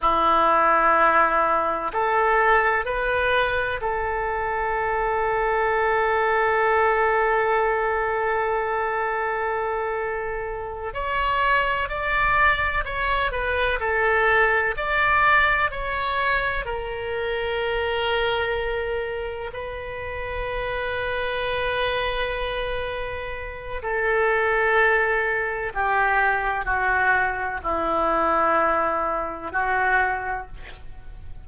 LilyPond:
\new Staff \with { instrumentName = "oboe" } { \time 4/4 \tempo 4 = 63 e'2 a'4 b'4 | a'1~ | a'2.~ a'8 cis''8~ | cis''8 d''4 cis''8 b'8 a'4 d''8~ |
d''8 cis''4 ais'2~ ais'8~ | ais'8 b'2.~ b'8~ | b'4 a'2 g'4 | fis'4 e'2 fis'4 | }